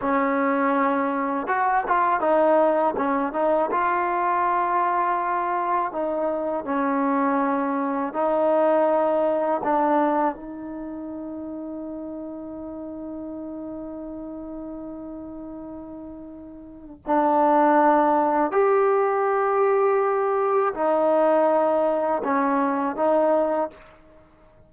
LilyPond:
\new Staff \with { instrumentName = "trombone" } { \time 4/4 \tempo 4 = 81 cis'2 fis'8 f'8 dis'4 | cis'8 dis'8 f'2. | dis'4 cis'2 dis'4~ | dis'4 d'4 dis'2~ |
dis'1~ | dis'2. d'4~ | d'4 g'2. | dis'2 cis'4 dis'4 | }